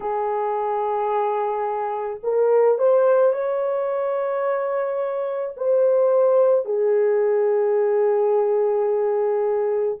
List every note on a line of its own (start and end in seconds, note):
0.00 2.19 G#4
2.23 2.78 A#4
2.78 3.32 C5
3.32 5.55 C#5
5.56 6.65 C5
6.65 9.98 G#4